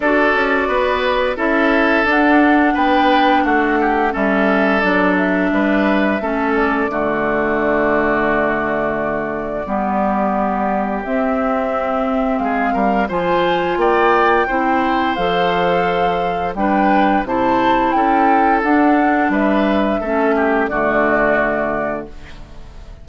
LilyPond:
<<
  \new Staff \with { instrumentName = "flute" } { \time 4/4 \tempo 4 = 87 d''2 e''4 fis''4 | g''4 fis''4 e''4 d''8 e''8~ | e''4. d''2~ d''8~ | d''1 |
e''2 f''4 gis''4 | g''2 f''2 | g''4 a''4 g''4 fis''4 | e''2 d''2 | }
  \new Staff \with { instrumentName = "oboe" } { \time 4/4 a'4 b'4 a'2 | b'4 fis'8 g'8 a'2 | b'4 a'4 fis'2~ | fis'2 g'2~ |
g'2 gis'8 ais'8 c''4 | d''4 c''2. | b'4 c''4 a'2 | b'4 a'8 g'8 fis'2 | }
  \new Staff \with { instrumentName = "clarinet" } { \time 4/4 fis'2 e'4 d'4~ | d'2 cis'4 d'4~ | d'4 cis'4 a2~ | a2 b2 |
c'2. f'4~ | f'4 e'4 a'2 | d'4 e'2 d'4~ | d'4 cis'4 a2 | }
  \new Staff \with { instrumentName = "bassoon" } { \time 4/4 d'8 cis'8 b4 cis'4 d'4 | b4 a4 g4 fis4 | g4 a4 d2~ | d2 g2 |
c'2 gis8 g8 f4 | ais4 c'4 f2 | g4 c4 cis'4 d'4 | g4 a4 d2 | }
>>